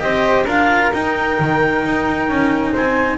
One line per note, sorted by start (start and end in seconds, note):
0.00 0.45 C4
0.00 0.45 G4
0.00 0.46 C5
0.00 0.46 D#5
0.45 0.91 D4
0.45 0.93 F4
0.45 2.72 A#4
0.45 0.94 F5
0.94 1.39 D#4
0.94 3.18 D#4
0.94 2.75 G5
1.40 1.85 D#3
1.85 2.29 D#4
2.29 2.75 C#4
2.72 3.18 C4
2.72 3.18 C5
2.72 3.18 G#5